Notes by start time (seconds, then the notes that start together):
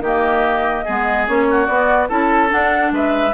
0.00 D#3 A#3 G4 D#5
0.85 G#3 B3 G#4
1.27 A#3 C#4 C#5
1.51 F#4
1.65 B3 D5
2.09 C#4 E4 A4 A5
2.50 D4 F#5
2.92 G#3 B4 E5